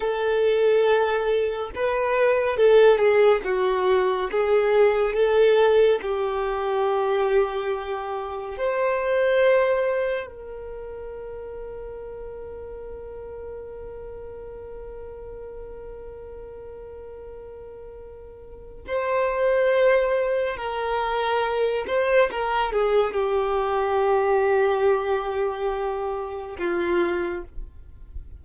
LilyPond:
\new Staff \with { instrumentName = "violin" } { \time 4/4 \tempo 4 = 70 a'2 b'4 a'8 gis'8 | fis'4 gis'4 a'4 g'4~ | g'2 c''2 | ais'1~ |
ais'1~ | ais'2 c''2 | ais'4. c''8 ais'8 gis'8 g'4~ | g'2. f'4 | }